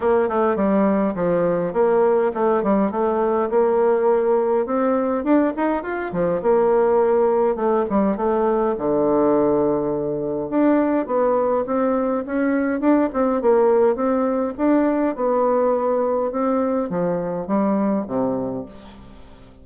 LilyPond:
\new Staff \with { instrumentName = "bassoon" } { \time 4/4 \tempo 4 = 103 ais8 a8 g4 f4 ais4 | a8 g8 a4 ais2 | c'4 d'8 dis'8 f'8 f8 ais4~ | ais4 a8 g8 a4 d4~ |
d2 d'4 b4 | c'4 cis'4 d'8 c'8 ais4 | c'4 d'4 b2 | c'4 f4 g4 c4 | }